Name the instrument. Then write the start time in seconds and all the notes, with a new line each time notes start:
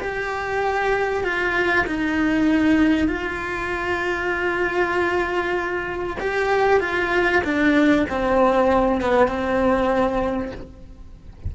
cello
0.00 G4
1.23 F4
1.86 D#4
3.07 F4
6.19 G4
6.80 F4
7.44 D4
8.09 C4
9.01 B3
9.28 C4